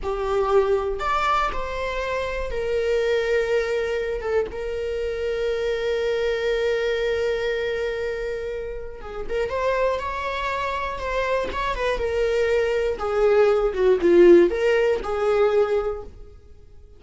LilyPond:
\new Staff \with { instrumentName = "viola" } { \time 4/4 \tempo 4 = 120 g'2 d''4 c''4~ | c''4 ais'2.~ | ais'8 a'8 ais'2.~ | ais'1~ |
ais'2 gis'8 ais'8 c''4 | cis''2 c''4 cis''8 b'8 | ais'2 gis'4. fis'8 | f'4 ais'4 gis'2 | }